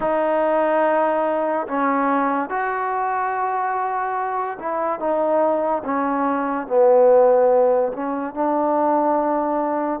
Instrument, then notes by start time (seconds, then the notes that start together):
trombone
0.00 D#4
1.67 C#4
2.49 F#4
4.59 E4
4.99 D#4
5.84 C#4
6.67 B3
7.92 C#4
8.34 D4